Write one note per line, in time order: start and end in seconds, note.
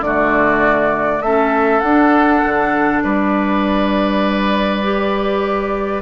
0.00 1.20 D3
0.00 1.24 A3
0.00 1.24 F#4
0.00 1.22 D5
1.21 1.81 A3
1.21 1.83 C#4
1.21 3.04 A4
1.21 1.80 E5
1.80 2.42 D4
1.80 4.83 D4
1.80 3.00 F#5
2.44 3.04 D3
3.02 6.02 G3
3.02 6.02 B4
3.02 6.02 D5
4.83 6.02 G4